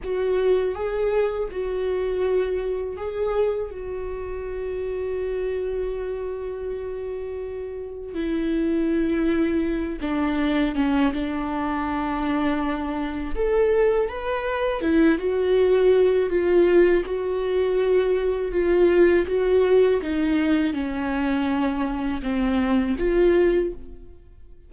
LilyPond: \new Staff \with { instrumentName = "viola" } { \time 4/4 \tempo 4 = 81 fis'4 gis'4 fis'2 | gis'4 fis'2.~ | fis'2. e'4~ | e'4. d'4 cis'8 d'4~ |
d'2 a'4 b'4 | e'8 fis'4. f'4 fis'4~ | fis'4 f'4 fis'4 dis'4 | cis'2 c'4 f'4 | }